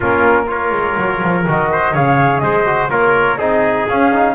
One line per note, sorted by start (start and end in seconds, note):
0.00 0.71 A#3
0.00 0.47 C#4
0.00 0.46 F4
0.00 0.49 A#4
0.47 1.43 F4
0.47 1.71 A#4
0.47 1.45 C#5
0.71 0.96 G#3
0.97 1.21 F#3
1.22 1.47 F3
1.47 1.95 D#3
1.47 1.94 F#4
1.47 1.95 D#5
1.71 1.93 C5
1.93 2.42 C#3
1.93 2.65 G#4
1.93 2.41 C#5
1.93 2.39 F5
2.39 2.90 G#3
2.39 2.90 C5
2.39 2.87 D#5
2.65 2.90 F#4
2.90 3.37 A#3
2.90 3.38 F4
2.90 3.38 A#4
2.90 3.37 C#5
3.37 3.85 C4
3.37 3.88 D#4
3.37 4.34 G#4
3.37 3.86 D#5
3.88 4.11 C#4
3.88 4.34 C#4
3.88 4.34 F5
4.11 4.34 D#4